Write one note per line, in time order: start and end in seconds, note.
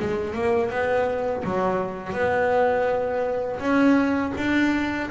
0.00 0.34 G#3
0.34 0.71 A#3
0.71 1.44 B3
1.44 2.13 F#3
2.13 3.59 B3
3.60 4.33 C#4
4.37 5.10 D4